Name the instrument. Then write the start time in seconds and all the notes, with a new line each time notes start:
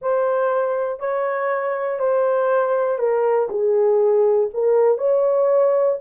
horn
0.01 C5
0.99 C#5
1.99 C5
2.98 A#4
3.49 G#4
4.53 A#4
4.97 C#5